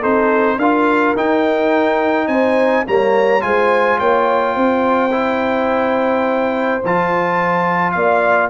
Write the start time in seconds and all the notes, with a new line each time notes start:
0.00 C4 D#4 A4 C5
0.58 D4 F4 A#4 F5
1.16 D#4 G5
2.28 C4 C5 G#5
2.87 G3 A#3 C#5 A#5
3.41 G#3 F4 C5 G#5
3.99 A#3 C#5 G5
4.55 C4 C5
5.12 E4
6.84 F3 F4 A5
7.92 A#3 D5 F5